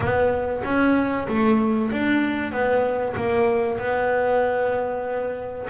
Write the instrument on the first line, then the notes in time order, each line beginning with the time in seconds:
double bass
0.00 B3
0.64 C#4
1.28 A3
1.91 D4
2.52 B3
3.16 A#3
3.78 B3